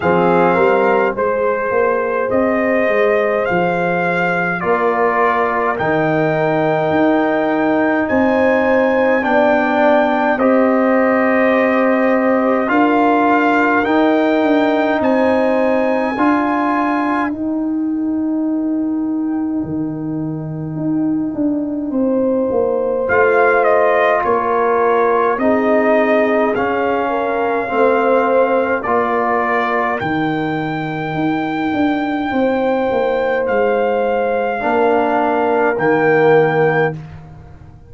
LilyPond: <<
  \new Staff \with { instrumentName = "trumpet" } { \time 4/4 \tempo 4 = 52 f''4 c''4 dis''4 f''4 | d''4 g''2 gis''4 | g''4 dis''2 f''4 | g''4 gis''2 g''4~ |
g''1 | f''8 dis''8 cis''4 dis''4 f''4~ | f''4 d''4 g''2~ | g''4 f''2 g''4 | }
  \new Staff \with { instrumentName = "horn" } { \time 4/4 gis'8 ais'8 c''2. | ais'2. c''4 | d''4 c''2 ais'4~ | ais'4 c''4 ais'2~ |
ais'2. c''4~ | c''4 ais'4 gis'4. ais'8 | c''4 ais'2. | c''2 ais'2 | }
  \new Staff \with { instrumentName = "trombone" } { \time 4/4 c'4 gis'2. | f'4 dis'2. | d'4 g'2 f'4 | dis'2 f'4 dis'4~ |
dis'1 | f'2 dis'4 cis'4 | c'4 f'4 dis'2~ | dis'2 d'4 ais4 | }
  \new Staff \with { instrumentName = "tuba" } { \time 4/4 f8 g8 gis8 ais8 c'8 gis8 f4 | ais4 dis4 dis'4 c'4 | b4 c'2 d'4 | dis'8 d'8 c'4 d'4 dis'4~ |
dis'4 dis4 dis'8 d'8 c'8 ais8 | a4 ais4 c'4 cis'4 | a4 ais4 dis4 dis'8 d'8 | c'8 ais8 gis4 ais4 dis4 | }
>>